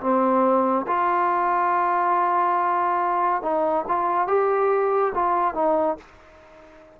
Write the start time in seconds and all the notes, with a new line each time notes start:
0.00 C4
0.87 F4
3.42 D#4
3.88 F4
4.27 G4
5.14 F4
5.54 D#4